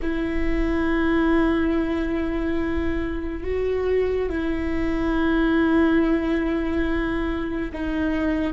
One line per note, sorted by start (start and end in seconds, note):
0.02 3.43 E4
3.43 4.29 F#4
4.29 7.71 E4
7.72 8.53 D#4